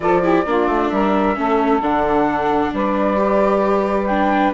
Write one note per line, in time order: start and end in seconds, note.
0.00 0.45 F3
0.00 0.23 F4
0.00 0.21 A4
0.00 0.88 D5
0.21 0.45 E4
0.21 0.44 G4
0.45 0.66 A#3
0.45 1.35 D4
0.45 0.92 F4
0.66 0.89 A3
0.88 1.36 G3
0.88 1.37 A#4
0.88 1.79 E5
1.35 1.80 A3
1.35 1.80 C#4
1.35 2.74 A4
1.80 2.71 D3
1.80 3.16 D4
1.80 2.73 F#5
2.73 4.54 G3
2.73 4.54 B4
2.73 4.06 D5
3.16 4.07 G4
4.06 4.54 D4
4.06 4.51 G5